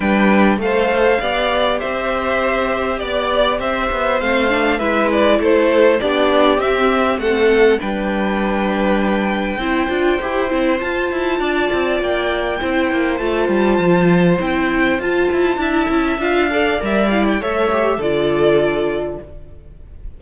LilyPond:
<<
  \new Staff \with { instrumentName = "violin" } { \time 4/4 \tempo 4 = 100 g''4 f''2 e''4~ | e''4 d''4 e''4 f''4 | e''8 d''8 c''4 d''4 e''4 | fis''4 g''2.~ |
g''2 a''2 | g''2 a''2 | g''4 a''2 f''4 | e''8 f''16 g''16 e''4 d''2 | }
  \new Staff \with { instrumentName = "violin" } { \time 4/4 b'4 c''4 d''4 c''4~ | c''4 d''4 c''2 | b'4 a'4 g'2 | a'4 b'2. |
c''2. d''4~ | d''4 c''2.~ | c''2 e''4. d''8~ | d''4 cis''4 a'2 | }
  \new Staff \with { instrumentName = "viola" } { \time 4/4 d'4 a'4 g'2~ | g'2. c'8 d'8 | e'2 d'4 c'4~ | c'4 d'2. |
e'8 f'8 g'8 e'8 f'2~ | f'4 e'4 f'2 | e'4 f'4 e'4 f'8 a'8 | ais'8 e'8 a'8 g'8 f'2 | }
  \new Staff \with { instrumentName = "cello" } { \time 4/4 g4 a4 b4 c'4~ | c'4 b4 c'8 b8 a4 | gis4 a4 b4 c'4 | a4 g2. |
c'8 d'8 e'8 c'8 f'8 e'8 d'8 c'8 | ais4 c'8 ais8 a8 g8 f4 | c'4 f'8 e'8 d'8 cis'8 d'4 | g4 a4 d2 | }
>>